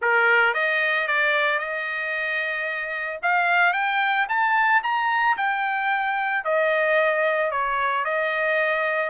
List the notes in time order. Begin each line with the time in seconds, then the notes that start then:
0.01 A#4
0.54 D#5
1.07 D5
1.59 D#5
3.22 F5
3.73 G5
4.28 A5
4.83 A#5
5.37 G5
6.44 D#5
7.51 C#5
8.05 D#5